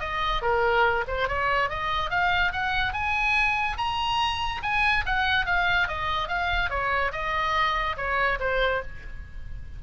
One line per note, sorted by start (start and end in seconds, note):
0.00 0.42 D#5
0.42 1.05 A#4
1.08 1.28 C5
1.28 1.69 C#5
1.69 2.11 D#5
2.11 2.53 F5
2.53 2.93 F#5
2.93 3.77 G#5
3.78 4.62 A#5
4.63 5.05 G#5
5.06 5.46 F#5
5.46 5.88 F5
5.88 6.28 D#5
6.28 6.70 F5
6.70 7.12 C#5
7.13 7.96 D#5
7.97 8.39 C#5
8.40 8.82 C5